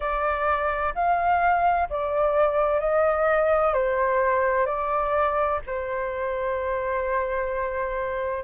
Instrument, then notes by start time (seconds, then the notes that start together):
flute
0.00 D5
0.94 F5
1.89 D5
2.80 D#5
3.73 C5
4.66 D5
5.66 C5